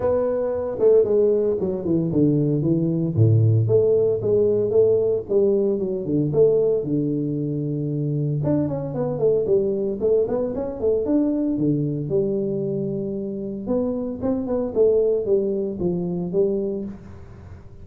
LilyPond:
\new Staff \with { instrumentName = "tuba" } { \time 4/4 \tempo 4 = 114 b4. a8 gis4 fis8 e8 | d4 e4 a,4 a4 | gis4 a4 g4 fis8 d8 | a4 d2. |
d'8 cis'8 b8 a8 g4 a8 b8 | cis'8 a8 d'4 d4 g4~ | g2 b4 c'8 b8 | a4 g4 f4 g4 | }